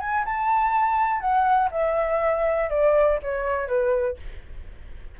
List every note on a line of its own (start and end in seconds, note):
0.00 0.25 G#5
0.25 1.20 A5
1.20 1.69 F#5
1.71 2.69 E5
2.69 3.19 D5
3.22 3.67 C#5
3.67 4.16 B4